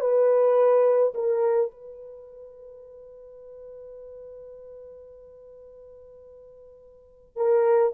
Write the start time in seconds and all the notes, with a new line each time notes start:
0.00 B4
1.14 A#4
1.71 B4
7.36 A#4